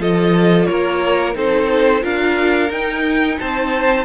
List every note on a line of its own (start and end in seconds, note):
0.00 0.67 F3
0.00 1.35 F4
0.00 0.69 A4
0.00 0.66 D#5
0.66 1.36 A#3
0.66 1.36 A#4
0.66 1.34 C#5
1.35 2.03 C4
1.35 2.01 D#4
1.35 2.03 A4
1.35 2.04 C5
2.01 2.71 D4
2.01 2.69 F4
2.01 3.38 A#4
2.01 2.72 F5
2.71 3.38 D#4
2.71 4.05 D#4
2.71 3.40 G5
3.40 4.05 C4
3.40 4.05 C5
3.40 4.05 A5